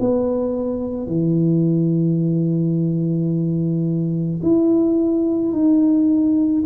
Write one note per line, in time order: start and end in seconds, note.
0.00 1.08 B3
1.08 4.41 E3
4.43 5.53 E4
5.53 6.64 D#4